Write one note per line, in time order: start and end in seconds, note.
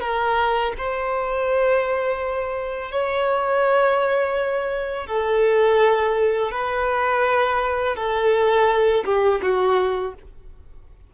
0.00 0.72 A#4
0.77 2.91 C5
2.91 5.06 C#5
5.06 6.51 A4
6.51 7.96 B4
7.96 9.04 A4
9.05 9.41 G4
9.41 10.14 F#4